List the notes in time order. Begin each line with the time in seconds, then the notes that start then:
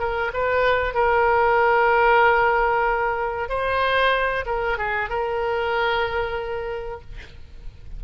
0.00 A#4
0.34 B4
0.95 A#4
3.50 C5
4.46 A#4
4.78 G#4
5.10 A#4